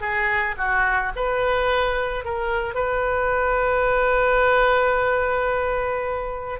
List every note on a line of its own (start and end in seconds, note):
0.00 0.55 G#4
0.57 1.12 F#4
1.16 2.24 B4
2.24 2.74 A#4
2.74 6.60 B4